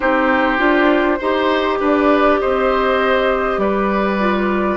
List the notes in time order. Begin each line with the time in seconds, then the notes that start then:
0.00 C4 D#4 G4 C5
0.58 D4 F4
1.19 D#4 G4 C5
1.79 D4 B4 D5
2.40 C4 C5 D#5
3.57 G3 B4 D5
4.20 F4